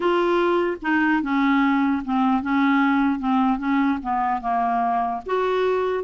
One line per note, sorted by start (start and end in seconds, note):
0.00 0.76 F4
0.82 1.22 D#4
1.22 2.02 C#4
2.04 2.42 C4
2.42 3.19 C#4
3.19 3.58 C4
3.58 3.98 C#4
4.02 4.41 B3
4.41 5.21 A#3
5.26 6.04 F#4